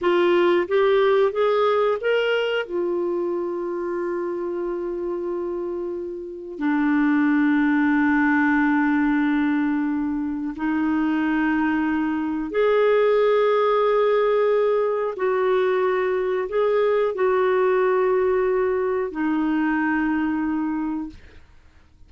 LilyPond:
\new Staff \with { instrumentName = "clarinet" } { \time 4/4 \tempo 4 = 91 f'4 g'4 gis'4 ais'4 | f'1~ | f'2 d'2~ | d'1 |
dis'2. gis'4~ | gis'2. fis'4~ | fis'4 gis'4 fis'2~ | fis'4 dis'2. | }